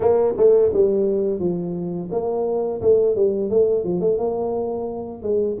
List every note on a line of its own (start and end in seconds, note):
0.00 0.34 A#3
0.37 0.72 A3
0.73 1.39 G3
1.39 2.09 F3
2.11 2.80 A#3
2.81 3.15 A3
3.15 3.49 G3
3.49 3.84 A3
3.84 4.00 F3
4.00 4.18 A3
4.18 5.22 A#3
5.22 5.57 G#3